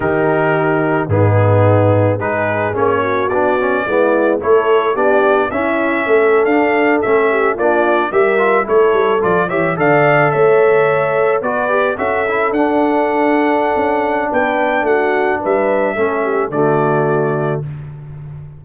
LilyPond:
<<
  \new Staff \with { instrumentName = "trumpet" } { \time 4/4 \tempo 4 = 109 ais'2 gis'2 | b'4 cis''4 d''2 | cis''4 d''4 e''4.~ e''16 f''16~ | f''8. e''4 d''4 e''4 cis''16~ |
cis''8. d''8 e''8 f''4 e''4~ e''16~ | e''8. d''4 e''4 fis''4~ fis''16~ | fis''2 g''4 fis''4 | e''2 d''2 | }
  \new Staff \with { instrumentName = "horn" } { \time 4/4 g'2 dis'2 | gis'4. fis'4. e'4 | a'4 g'4 e'4 a'4~ | a'4~ a'16 g'8 f'4 ais'4 a'16~ |
a'4~ a'16 cis''8 d''4 cis''4~ cis''16~ | cis''8. b'4 a'2~ a'16~ | a'2 b'4 fis'4 | b'4 a'8 g'8 fis'2 | }
  \new Staff \with { instrumentName = "trombone" } { \time 4/4 dis'2 b2 | dis'4 cis'4 d'8 cis'8 b4 | e'4 d'4 cis'4.~ cis'16 d'16~ | d'8. cis'4 d'4 g'8 f'8 e'16~ |
e'8. f'8 g'8 a'2~ a'16~ | a'8. fis'8 g'8 fis'8 e'8 d'4~ d'16~ | d'1~ | d'4 cis'4 a2 | }
  \new Staff \with { instrumentName = "tuba" } { \time 4/4 dis2 gis,2 | gis4 ais4 b4 gis4 | a4 b4 cis'4 a8. d'16~ | d'8. a4 ais4 g4 a16~ |
a16 g8 f8 e8 d4 a4~ a16~ | a8. b4 cis'4 d'4~ d'16~ | d'4 cis'4 b4 a4 | g4 a4 d2 | }
>>